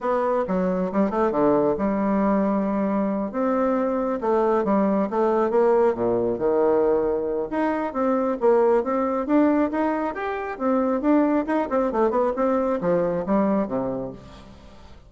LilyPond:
\new Staff \with { instrumentName = "bassoon" } { \time 4/4 \tempo 4 = 136 b4 fis4 g8 a8 d4 | g2.~ g8 c'8~ | c'4. a4 g4 a8~ | a8 ais4 ais,4 dis4.~ |
dis4 dis'4 c'4 ais4 | c'4 d'4 dis'4 g'4 | c'4 d'4 dis'8 c'8 a8 b8 | c'4 f4 g4 c4 | }